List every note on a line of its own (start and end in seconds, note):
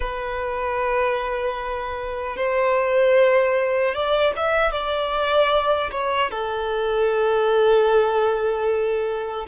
0.00 2.36 B4
2.36 3.94 C5
3.94 4.33 D5
4.36 4.72 E5
4.72 5.90 D5
5.91 6.30 C#5
6.30 9.46 A4